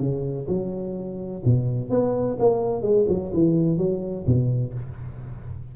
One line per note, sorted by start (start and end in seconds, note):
0.00 0.47 C#3
0.48 1.43 F#3
1.45 1.90 B2
1.90 2.38 B3
2.40 2.82 A#3
2.82 3.06 G#3
3.09 3.32 F#3
3.34 3.78 E3
3.78 4.25 F#3
4.27 4.74 B2